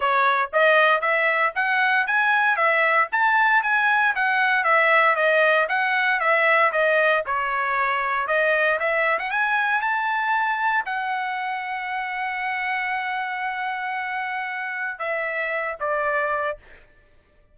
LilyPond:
\new Staff \with { instrumentName = "trumpet" } { \time 4/4 \tempo 4 = 116 cis''4 dis''4 e''4 fis''4 | gis''4 e''4 a''4 gis''4 | fis''4 e''4 dis''4 fis''4 | e''4 dis''4 cis''2 |
dis''4 e''8. fis''16 gis''4 a''4~ | a''4 fis''2.~ | fis''1~ | fis''4 e''4. d''4. | }